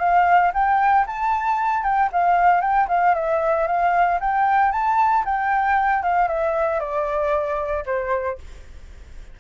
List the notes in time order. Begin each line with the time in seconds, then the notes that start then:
0.00 F5
0.54 G5
1.07 A5
1.84 G5
2.12 F5
2.61 G5
2.89 F5
3.15 E5
3.68 F5
4.21 G5
4.72 A5
5.26 G5
6.03 F5
6.28 E5
6.80 D5
7.86 C5